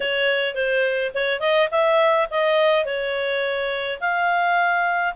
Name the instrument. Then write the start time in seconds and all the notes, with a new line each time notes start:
clarinet
0.00 C#5
0.54 C5
1.14 C#5
1.40 D#5
1.71 E5
2.30 D#5
2.85 C#5
4.00 F5